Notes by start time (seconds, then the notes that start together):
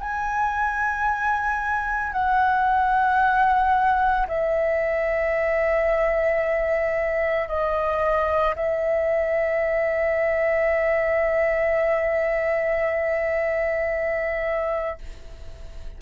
0.00 G#5
2.13 F#5
4.28 E5
7.48 D#5
8.56 E5